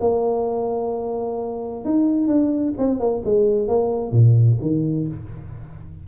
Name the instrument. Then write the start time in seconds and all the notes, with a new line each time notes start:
tuba
0.00 A#3
1.85 D#4
2.27 D4
2.78 C4
2.99 A#3
3.24 G#3
3.68 A#3
4.11 A#2
4.61 D#3